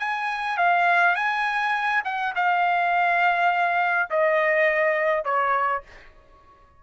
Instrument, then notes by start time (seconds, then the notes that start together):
trumpet
0.00 G#5
0.58 F5
1.16 G#5
2.05 F#5
2.36 F5
4.11 D#5
5.25 C#5